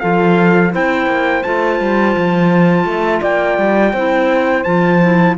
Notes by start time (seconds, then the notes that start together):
0.00 F3 F4 A4 F5
0.71 C4 E4 C5 G5
1.07 A#3
1.43 A3 F4 A5
1.80 G3
2.17 F3
2.85 A3 E5
3.22 A#3 D5 G5
3.58 G3
3.93 C4 E4 C5
4.64 F3 F4 A5
5.01 E4